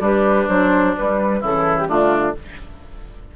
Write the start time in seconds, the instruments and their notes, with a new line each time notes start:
0.00 bassoon G3, oboe D4, clarinet G4, flute B4
0.49 bassoon F#3, clarinet D4, flute C5
0.96 clarinet G3, bassoon G3, flute B4
1.41 bassoon C#3, clarinet E3, oboe E4, flute A4
1.78 flute G4
1.87 bassoon D3, clarinet A3, oboe D4, flute F4